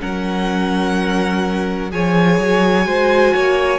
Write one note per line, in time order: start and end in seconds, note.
0.00 1.93 F#3
0.00 1.90 C#4
0.00 1.92 A#4
0.00 1.92 F#5
1.91 2.39 F3
1.91 2.85 G#4
1.91 2.88 C#5
1.91 3.80 G#5
2.39 2.86 F#3
2.85 3.34 G#3
2.85 3.80 F#4
2.85 3.34 C5
3.34 3.80 A#3
3.34 3.80 C#5